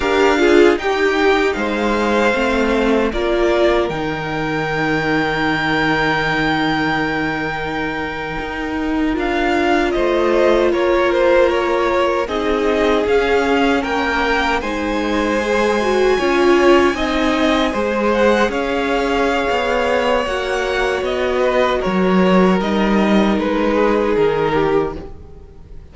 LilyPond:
<<
  \new Staff \with { instrumentName = "violin" } { \time 4/4 \tempo 4 = 77 f''4 g''4 f''2 | d''4 g''2.~ | g''2.~ g''8. f''16~ | f''8. dis''4 cis''8 c''8 cis''4 dis''16~ |
dis''8. f''4 g''4 gis''4~ gis''16~ | gis''2.~ gis''16 fis''8 f''16~ | f''2 fis''4 dis''4 | cis''4 dis''4 b'4 ais'4 | }
  \new Staff \with { instrumentName = "violin" } { \time 4/4 ais'8 gis'8 g'4 c''2 | ais'1~ | ais'1~ | ais'8. c''4 ais'2 gis'16~ |
gis'4.~ gis'16 ais'4 c''4~ c''16~ | c''8. cis''4 dis''4 c''4 cis''16~ | cis''2.~ cis''8 b'8 | ais'2~ ais'8 gis'4 g'8 | }
  \new Staff \with { instrumentName = "viola" } { \time 4/4 g'8 f'8 dis'2 c'4 | f'4 dis'2.~ | dis'2.~ dis'8. f'16~ | f'2.~ f'8. dis'16~ |
dis'8. cis'2 dis'4 gis'16~ | gis'16 fis'8 f'4 dis'4 gis'4~ gis'16~ | gis'2 fis'2~ | fis'4 dis'2. | }
  \new Staff \with { instrumentName = "cello" } { \time 4/4 d'4 dis'4 gis4 a4 | ais4 dis2.~ | dis2~ dis8. dis'4 d'16~ | d'8. a4 ais2 c'16~ |
c'8. cis'4 ais4 gis4~ gis16~ | gis8. cis'4 c'4 gis4 cis'16~ | cis'4 b4 ais4 b4 | fis4 g4 gis4 dis4 | }
>>